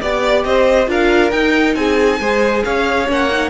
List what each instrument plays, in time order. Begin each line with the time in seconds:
0.00 cello B3, viola G4, violin D5
0.44 cello C4, violin C5 D#5
0.87 cello D4, viola F4, violin A#4 F5
1.31 cello D#4, viola D#4, violin G5
1.75 cello C4, violin G#4 G#5
2.20 cello G#3, viola G#4, violin C5
2.64 cello C#4, violin C#5 F5
3.07 cello A#3, viola C#4, violin F#5
3.31 viola D#4